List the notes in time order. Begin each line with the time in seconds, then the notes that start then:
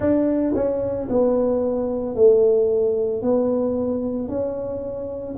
0.00 D4
0.55 C#4
1.09 B3
2.15 A3
3.21 B3
4.28 C#4